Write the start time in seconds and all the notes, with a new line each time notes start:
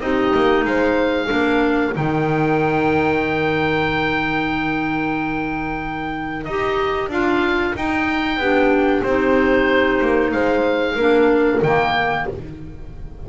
0.00 C4 D#4 G4 D#5
0.35 A#3
0.64 G#3 C5 F5
1.27 A#3 D4 A#4
1.94 D#3 D#4 G5
6.44 D#4 G4 D#5
7.08 D4 F4 F5
7.75 D#4 G5
8.37 B3 D4 G4
9.02 C4 D#4 C5
10.01 A#3
10.31 G#3 C5 F5
10.94 A#3 D4 A#4
11.62 D#3 A#3 G5